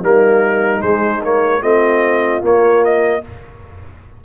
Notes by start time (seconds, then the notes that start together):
0.00 G3 A#3 D#4 A#4
0.80 G#3 C5
1.23 A#3 C#5
1.61 A3 C4 F4 D#5
2.41 A#3 C#5
2.84 D#5